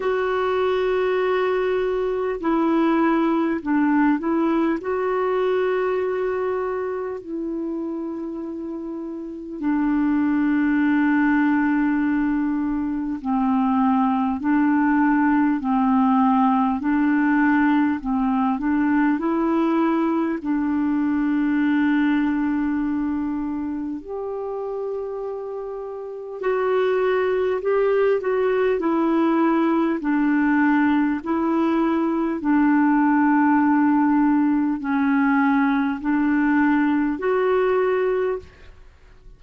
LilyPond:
\new Staff \with { instrumentName = "clarinet" } { \time 4/4 \tempo 4 = 50 fis'2 e'4 d'8 e'8 | fis'2 e'2 | d'2. c'4 | d'4 c'4 d'4 c'8 d'8 |
e'4 d'2. | g'2 fis'4 g'8 fis'8 | e'4 d'4 e'4 d'4~ | d'4 cis'4 d'4 fis'4 | }